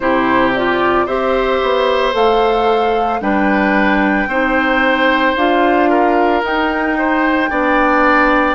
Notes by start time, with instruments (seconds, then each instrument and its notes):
0.00 bassoon C3, clarinet E4, oboe G4, flute C5
0.55 clarinet F4, flute D5
1.06 bassoon C4, clarinet G4, oboe C5, flute E5
1.62 bassoon B3
2.12 bassoon A3, clarinet A4, flute F5
3.21 bassoon G3, clarinet D4, oboe B4, flute G5
4.26 bassoon C4, clarinet D#4, oboe C5
5.35 bassoon D4, clarinet F4, flute F5
5.89 oboe A#4
6.42 clarinet D#4, bassoon D#4, flute G5
6.98 oboe C5
7.49 bassoon B3, clarinet D4, oboe D5